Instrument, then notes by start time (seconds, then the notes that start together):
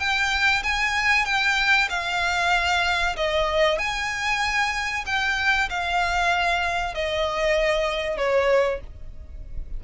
violin
0.00 G5
0.63 G#5
1.25 G5
1.90 F5
3.17 D#5
3.79 G#5
5.06 G5
5.70 F5
6.94 D#5
8.18 C#5